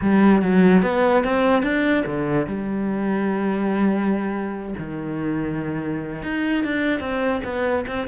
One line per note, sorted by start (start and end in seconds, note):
0.01 0.41 G3
0.41 0.82 F#3
0.82 1.24 B3
1.24 1.62 C4
1.62 2.04 D4
2.06 2.47 D3
2.47 4.74 G3
4.78 6.22 D#3
6.22 6.64 D#4
6.64 6.99 D4
6.99 7.41 C4
7.44 7.85 B3
7.87 8.07 C4